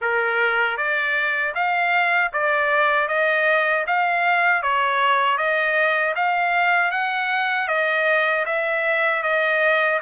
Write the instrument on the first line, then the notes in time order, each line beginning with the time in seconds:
trumpet
0.01 A#4
0.77 D5
1.54 F5
2.33 D5
3.08 D#5
3.86 F5
4.62 C#5
5.37 D#5
6.15 F5
6.91 F#5
7.68 D#5
8.45 E5
9.23 D#5